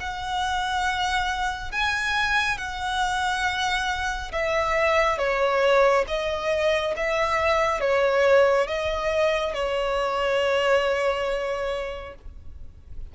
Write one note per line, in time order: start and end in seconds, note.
0.00 1.72 F#5
1.72 2.58 G#5
2.58 4.32 F#5
4.32 5.18 E5
5.18 6.05 C#5
6.08 6.94 D#5
6.96 7.81 E5
7.81 8.67 C#5
8.67 9.54 D#5
9.54 12.15 C#5